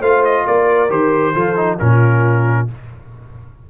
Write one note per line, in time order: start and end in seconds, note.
0.00 0.45 A3
0.00 0.89 F4
0.00 0.44 C5
0.00 0.24 F5
0.24 0.46 D#5
0.46 0.90 A#3
0.46 1.34 A#4
0.46 0.90 D5
0.89 1.34 D#3
0.89 1.34 G4
0.89 1.79 C5
1.34 1.80 F3
1.34 1.56 F4
1.34 1.79 A4
1.56 1.78 D#4
1.78 2.69 A#2
1.78 2.67 C#4
1.78 2.70 F4
1.78 2.67 A#4